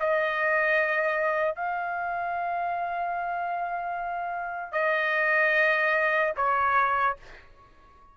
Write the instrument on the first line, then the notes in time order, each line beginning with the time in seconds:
trumpet
0.00 D#5
1.56 F5
4.73 D#5
6.37 C#5